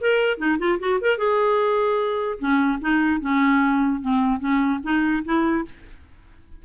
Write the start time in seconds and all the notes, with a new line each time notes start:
0.00 A#4
0.37 D#4
0.58 F4
0.79 F#4
1.00 A#4
1.17 G#4
2.38 C#4
2.81 D#4
3.20 C#4
4.01 C4
4.39 C#4
4.83 D#4
5.24 E4